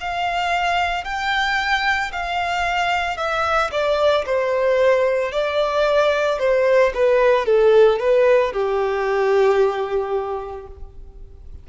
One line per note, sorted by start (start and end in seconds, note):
0.00 1.04 F5
1.04 2.11 G5
2.12 3.17 F5
3.17 3.70 E5
3.71 4.25 D5
4.25 5.31 C5
5.31 6.38 D5
6.39 6.93 C5
6.94 7.45 B4
7.45 7.99 A4
7.99 8.52 B4
8.52 10.67 G4